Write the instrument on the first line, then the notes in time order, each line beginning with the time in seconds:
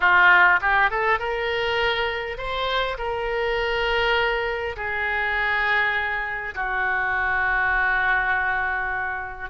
oboe
0.00 F4
0.61 G4
0.90 A4
1.19 A#4
2.37 C5
2.98 A#4
4.76 G#4
6.55 F#4